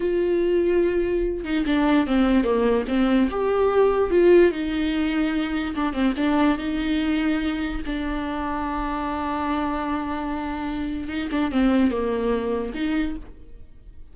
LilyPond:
\new Staff \with { instrumentName = "viola" } { \time 4/4 \tempo 4 = 146 f'2.~ f'8 dis'8 | d'4 c'4 ais4 c'4 | g'2 f'4 dis'4~ | dis'2 d'8 c'8 d'4 |
dis'2. d'4~ | d'1~ | d'2. dis'8 d'8 | c'4 ais2 dis'4 | }